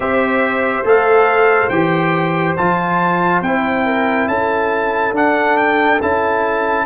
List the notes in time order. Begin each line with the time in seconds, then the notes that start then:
0.00 C4 G4 C5 E5
0.83 A3 A4 F5
1.69 E3 G4 G5
2.56 F3 F4 A5
3.41 C4 E4 G5
3.85 A#4
4.27 C#4 A4 A5
5.12 D4 F#5
5.57 G5
6.01 C#4 E4 A5